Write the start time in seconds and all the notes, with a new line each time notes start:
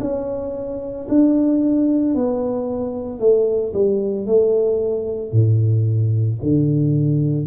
0.00 C#4
1.09 D4
2.15 B3
3.19 A3
3.73 G3
4.26 A3
5.32 A2
6.42 D3